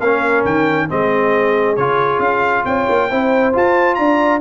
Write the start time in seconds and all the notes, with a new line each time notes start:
0.00 A#3 C#4 A#4 F5
0.45 D#3 G5
0.89 G#3 C4 G#4 D#5
1.76 C#3 F4 C#5
2.19 C#4 F5
2.65 C4 C#5 G5
2.89 A#3
3.09 C4 E4 C5
3.53 F4 A5
3.95 D4 D5 A#5